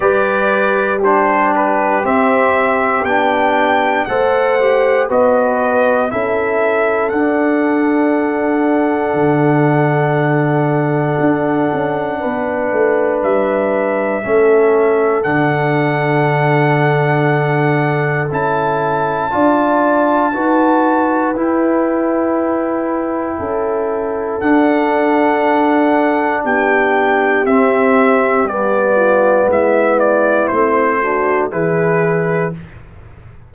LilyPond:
<<
  \new Staff \with { instrumentName = "trumpet" } { \time 4/4 \tempo 4 = 59 d''4 c''8 b'8 e''4 g''4 | fis''4 dis''4 e''4 fis''4~ | fis''1~ | fis''4 e''2 fis''4~ |
fis''2 a''2~ | a''4 g''2. | fis''2 g''4 e''4 | d''4 e''8 d''8 c''4 b'4 | }
  \new Staff \with { instrumentName = "horn" } { \time 4/4 b'4 g'2. | c''4 b'4 a'2~ | a'1 | b'2 a'2~ |
a'2. d''4 | b'2. a'4~ | a'2 g'2~ | g'8 f'8 e'4. fis'8 gis'4 | }
  \new Staff \with { instrumentName = "trombone" } { \time 4/4 g'4 d'4 c'4 d'4 | a'8 g'8 fis'4 e'4 d'4~ | d'1~ | d'2 cis'4 d'4~ |
d'2 e'4 f'4 | fis'4 e'2. | d'2. c'4 | b2 c'8 d'8 e'4 | }
  \new Staff \with { instrumentName = "tuba" } { \time 4/4 g2 c'4 b4 | a4 b4 cis'4 d'4~ | d'4 d2 d'8 cis'8 | b8 a8 g4 a4 d4~ |
d2 cis'4 d'4 | dis'4 e'2 cis'4 | d'2 b4 c'4 | g4 gis4 a4 e4 | }
>>